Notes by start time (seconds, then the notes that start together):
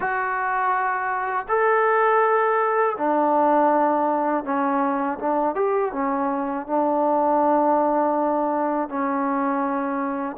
0.00 F#4
1.48 A4
2.97 D4
4.44 C#4
5.19 D4
5.55 G4
5.92 C#4
6.66 D4
8.89 C#4